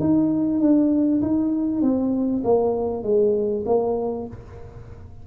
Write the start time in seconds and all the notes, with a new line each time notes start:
0.00 D#4
0.60 D4
1.22 D#4
1.82 C4
2.44 A#3
3.03 G#3
3.66 A#3